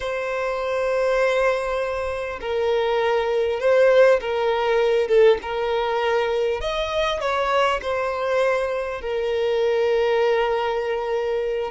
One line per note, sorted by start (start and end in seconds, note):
0.00 2.39 C5
2.40 3.60 A#4
3.60 4.20 C5
4.21 5.08 A#4
5.08 5.38 A4
5.42 6.60 A#4
6.60 7.20 D#5
7.20 7.80 C#5
7.82 9.01 C5
9.01 11.71 A#4